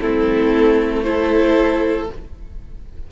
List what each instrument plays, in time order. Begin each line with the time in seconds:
0.00 cello A3, viola C4, violin E4 A4
1.03 viola E4, violin A4 C5